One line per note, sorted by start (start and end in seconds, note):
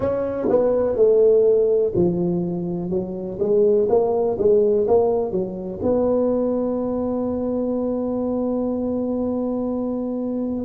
0.00 0.48 C#4
0.49 0.96 B3
0.96 1.93 A3
1.95 2.90 F3
2.90 3.38 F#3
3.39 3.88 G#3
3.89 4.37 A#3
4.38 4.87 G#3
4.87 5.30 A#3
5.30 5.79 F#3
5.82 10.65 B3